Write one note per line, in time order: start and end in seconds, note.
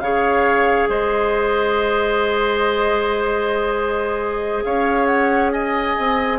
0.00 0.89 C#3
0.00 6.39 G#4
0.00 0.90 C#5
0.00 0.88 F5
0.89 4.64 G#3
0.89 4.65 C5
0.89 4.64 D#5
4.64 5.98 C#4
4.64 5.53 C#5
4.64 5.06 F5
5.06 5.50 F#5
5.52 6.39 D#5
5.52 6.39 G#5
5.98 6.39 C4